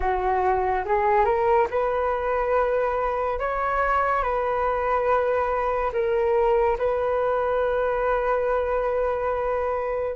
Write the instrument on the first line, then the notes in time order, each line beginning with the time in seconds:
flute
0.00 F#4
0.85 G#4
1.24 A#4
1.70 B4
3.39 C#5
4.23 B4
5.92 A#4
6.78 B4